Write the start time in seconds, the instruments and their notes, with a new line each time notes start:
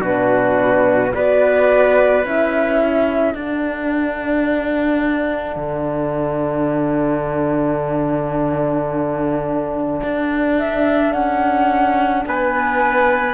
0.00 cello B2, horn D4, trumpet F#4, flute B4
1.14 cello B3, horn F#4, trumpet B4, flute D5
2.25 cello C#4, horn E4, flute E5
2.81 trumpet A4
3.34 cello D4, horn D4, flute F#5
5.56 cello D3
10.03 cello D4
10.58 flute E5
11.12 cello C#4, flute F#5
12.26 cello B3, trumpet B4, flute G#5